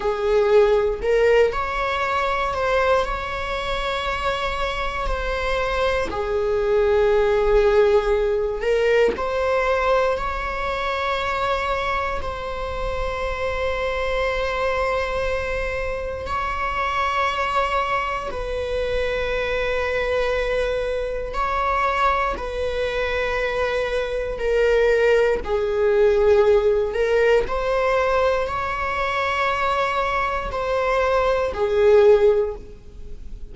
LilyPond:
\new Staff \with { instrumentName = "viola" } { \time 4/4 \tempo 4 = 59 gis'4 ais'8 cis''4 c''8 cis''4~ | cis''4 c''4 gis'2~ | gis'8 ais'8 c''4 cis''2 | c''1 |
cis''2 b'2~ | b'4 cis''4 b'2 | ais'4 gis'4. ais'8 c''4 | cis''2 c''4 gis'4 | }